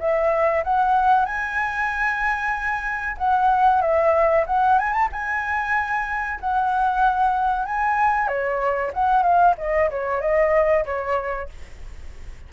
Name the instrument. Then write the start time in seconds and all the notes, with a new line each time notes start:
flute
0.00 E5
0.64 F#5
1.26 G#5
3.18 F#5
3.82 E5
4.47 F#5
4.79 G#5
4.93 A5
5.12 G#5
6.41 F#5
7.66 G#5
8.28 C#5
8.94 F#5
9.23 F5
9.58 D#5
9.91 C#5
10.22 D#5
10.86 C#5